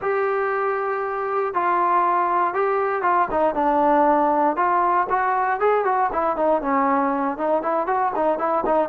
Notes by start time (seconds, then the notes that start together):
0.01 G4
1.54 F4
2.54 G4
3.02 F4
3.31 D#4
3.54 D4
4.56 F4
5.09 F#4
5.59 G#4
5.84 F#4
6.12 E4
6.36 D#4
6.61 C#4
7.37 D#4
7.62 E4
7.86 F#4
8.15 D#4
8.38 E4
8.65 D#4